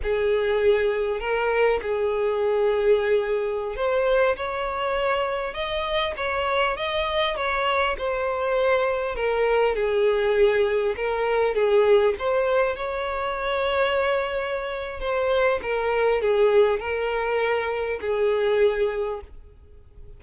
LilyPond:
\new Staff \with { instrumentName = "violin" } { \time 4/4 \tempo 4 = 100 gis'2 ais'4 gis'4~ | gis'2~ gis'16 c''4 cis''8.~ | cis''4~ cis''16 dis''4 cis''4 dis''8.~ | dis''16 cis''4 c''2 ais'8.~ |
ais'16 gis'2 ais'4 gis'8.~ | gis'16 c''4 cis''2~ cis''8.~ | cis''4 c''4 ais'4 gis'4 | ais'2 gis'2 | }